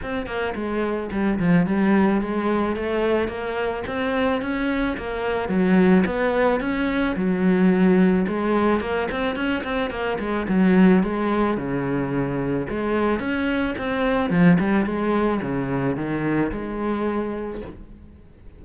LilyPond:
\new Staff \with { instrumentName = "cello" } { \time 4/4 \tempo 4 = 109 c'8 ais8 gis4 g8 f8 g4 | gis4 a4 ais4 c'4 | cis'4 ais4 fis4 b4 | cis'4 fis2 gis4 |
ais8 c'8 cis'8 c'8 ais8 gis8 fis4 | gis4 cis2 gis4 | cis'4 c'4 f8 g8 gis4 | cis4 dis4 gis2 | }